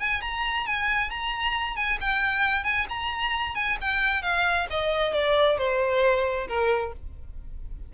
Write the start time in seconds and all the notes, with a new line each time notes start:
0.00 G#5
0.21 A#5
0.66 G#5
1.10 A#5
1.76 G#5
2.01 G5
2.64 G#5
2.89 A#5
3.55 G#5
3.81 G5
4.22 F5
4.70 D#5
5.14 D5
5.58 C5
6.48 A#4